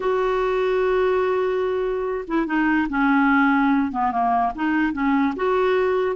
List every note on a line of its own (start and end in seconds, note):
0.00 2.25 F#4
2.27 2.46 E4
2.46 2.87 D#4
2.89 3.91 C#4
3.91 4.11 B3
4.11 4.52 A#3
4.55 4.93 D#4
4.93 5.34 C#4
5.36 6.16 F#4